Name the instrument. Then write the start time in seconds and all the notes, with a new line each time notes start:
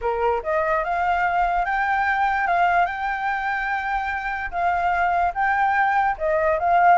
flute
0.01 A#4
0.43 D#5
0.83 F5
1.65 G5
2.47 F5
2.85 G5
4.50 F5
5.34 G5
6.18 D#5
6.59 F5